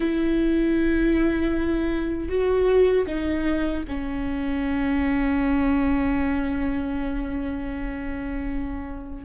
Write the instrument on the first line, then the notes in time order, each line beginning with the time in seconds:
viola
0.00 E4
2.29 F#4
3.06 D#4
3.88 C#4